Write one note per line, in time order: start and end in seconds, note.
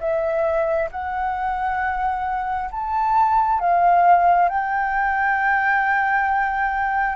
0.00 0.90 E5
0.92 2.71 F#5
2.72 3.60 A5
3.60 4.49 F5
4.49 7.16 G5